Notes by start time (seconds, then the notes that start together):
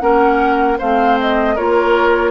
0.00 A#3 C#4 A#4 F#5
0.79 A3 C4 C5 F5
1.21 D#5
1.55 A#3 F4 A#4 C#5